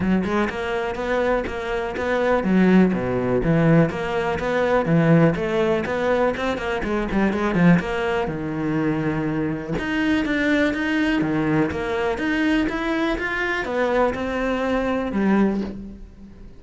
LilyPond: \new Staff \with { instrumentName = "cello" } { \time 4/4 \tempo 4 = 123 fis8 gis8 ais4 b4 ais4 | b4 fis4 b,4 e4 | ais4 b4 e4 a4 | b4 c'8 ais8 gis8 g8 gis8 f8 |
ais4 dis2. | dis'4 d'4 dis'4 dis4 | ais4 dis'4 e'4 f'4 | b4 c'2 g4 | }